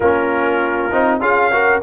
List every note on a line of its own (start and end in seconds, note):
0.00 0.89 A#3
0.00 0.91 C#4
0.00 1.20 F4
0.00 1.20 A#4
0.91 1.20 C4
0.91 1.20 D#4
1.20 1.80 C#4
1.20 1.51 F4
1.20 1.51 G#4
1.20 1.82 F5
1.51 1.81 F#4
1.51 1.82 A#4